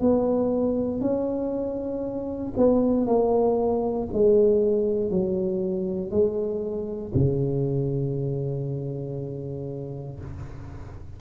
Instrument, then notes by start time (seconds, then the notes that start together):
tuba
0.00 B3
1.00 C#4
2.57 B3
3.06 A#3
4.12 G#3
5.10 F#3
6.11 G#3
7.14 C#3